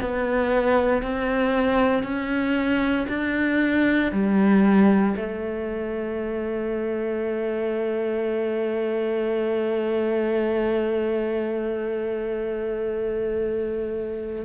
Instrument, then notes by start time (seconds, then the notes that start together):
cello
0.00 B3
1.02 C4
2.03 C#4
3.08 D4
4.12 G3
5.16 A3